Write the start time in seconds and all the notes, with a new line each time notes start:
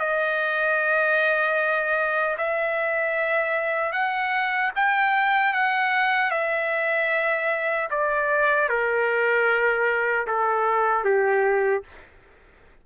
0.00 D#5
2.38 E5
3.93 F#5
4.76 G5
5.53 F#5
6.31 E5
7.91 D5
8.69 A#4
10.27 A4
11.05 G4